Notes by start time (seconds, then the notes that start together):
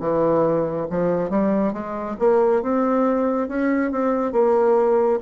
0.00 E3
0.90 F3
1.30 G3
1.73 G#3
2.19 A#3
2.62 C4
3.48 C#4
3.91 C4
4.32 A#3